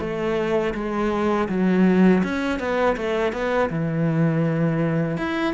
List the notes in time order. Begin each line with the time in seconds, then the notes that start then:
0.00 A3
0.74 G#3
1.49 F#3
2.24 C#4
2.59 B3
2.97 A3
3.33 B3
3.70 E3
5.18 E4